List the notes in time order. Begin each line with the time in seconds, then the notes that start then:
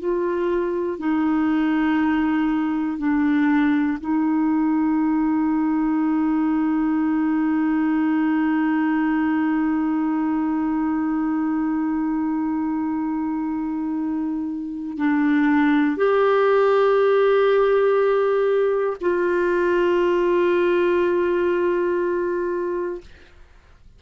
0.00 F4
0.99 D#4
2.98 D4
4.00 D#4
14.98 D4
15.97 G4
19.00 F4